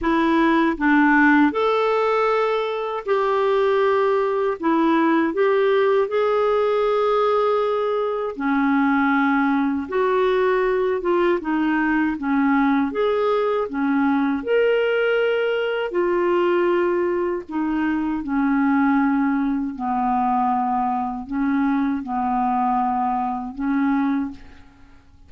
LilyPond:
\new Staff \with { instrumentName = "clarinet" } { \time 4/4 \tempo 4 = 79 e'4 d'4 a'2 | g'2 e'4 g'4 | gis'2. cis'4~ | cis'4 fis'4. f'8 dis'4 |
cis'4 gis'4 cis'4 ais'4~ | ais'4 f'2 dis'4 | cis'2 b2 | cis'4 b2 cis'4 | }